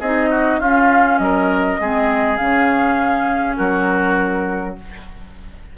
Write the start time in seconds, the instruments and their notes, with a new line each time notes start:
0.00 bassoon C4, clarinet D#4, oboe G#4, flute D#5
0.31 oboe F#4
0.60 bassoon C#4, clarinet C#4, oboe F4, flute F5
1.18 bassoon F#3, oboe A#4, flute D#5
1.80 bassoon G#3, clarinet C4, oboe G#4
2.37 bassoon C#3, clarinet C#4, flute F5
3.57 bassoon F#3, oboe F#4, flute A#4